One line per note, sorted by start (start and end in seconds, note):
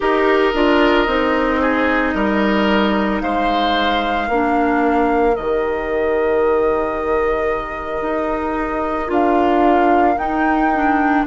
0.00 0.54 D#4
0.00 0.53 G4
0.00 1.61 A#4
0.00 3.21 D#5
0.54 1.06 D4
0.54 1.07 F4
1.06 2.13 C4
1.06 4.28 D#4
1.61 2.14 G#4
2.14 3.21 G3
2.14 3.22 A#4
3.21 4.29 G#3
3.21 4.27 C5
3.21 5.35 F5
4.27 5.36 A#3
4.27 5.34 D4
4.27 11.24 A#4
5.34 8.01 D#3
5.34 9.07 G4
5.34 9.10 D#5
8.01 9.08 D#4
9.07 10.16 D4
9.07 10.14 F4
9.07 10.17 F5
10.17 11.24 D#4
10.17 10.72 D#4
10.17 11.25 G5
10.73 11.26 D4